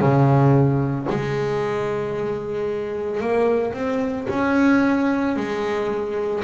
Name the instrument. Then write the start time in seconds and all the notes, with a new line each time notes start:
double bass
0.00 C#3
1.09 G#3
3.20 A#3
3.73 C4
4.29 C#4
5.36 G#3